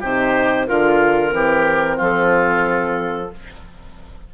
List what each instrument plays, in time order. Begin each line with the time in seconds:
0.00 bassoon C3, horn D#4, oboe G4, clarinet C5
0.67 bassoon D3, horn F4, oboe F4, clarinet A#4
1.29 bassoon E3, horn C4, oboe G4
1.96 bassoon F3, oboe F4, clarinet A4